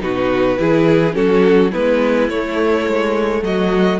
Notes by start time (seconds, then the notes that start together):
0.00 B2 D#4 F#4 B4
0.58 E3 E4 G#4
1.12 F#3 C#4 F#4 A4
1.71 G#3 B3 E4 B4
2.29 A3 C#5
2.87 G#3
3.42 F#3 F#4 D#5